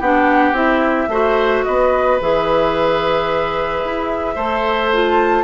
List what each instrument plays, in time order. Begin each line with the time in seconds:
0.00 bassoon B3, clarinet D4, oboe G4, flute F#5
0.53 bassoon C4, clarinet E4, flute E5
1.09 bassoon A3, clarinet F#4, oboe C5
1.64 bassoon B3, oboe B4, flute D#5
2.21 bassoon E3, clarinet G#4, flute E5
3.85 bassoon E4
4.36 bassoon A3, clarinet A4, oboe C5
4.94 clarinet F4, flute A5